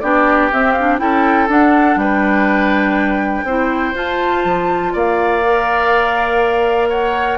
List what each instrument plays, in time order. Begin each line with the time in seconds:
0.00 bassoon B3, clarinet D4, oboe G4, flute D5
0.52 bassoon C4, clarinet C4, flute E5
0.73 flute F5
0.80 clarinet D4
0.99 bassoon C#4, clarinet E4, oboe A4, flute G5
1.49 bassoon D4, clarinet D4, flute F#5
1.96 bassoon G3, oboe B4, flute G5
3.44 bassoon C4, clarinet E4, oboe C5
3.95 clarinet F4, bassoon F4, flute A5
4.45 bassoon F3
4.93 bassoon A#3, oboe D5, flute F5
5.45 clarinet A#4
6.89 oboe C#5, flute F#5